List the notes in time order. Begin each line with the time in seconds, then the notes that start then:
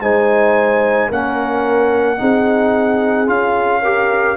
0.00 G#3 D#4 C5 G#5
1.09 A#3 C#4 A#4 F#5
2.17 C4 D#4 G#4
3.26 C#4 F4 F5
3.82 G4 A#4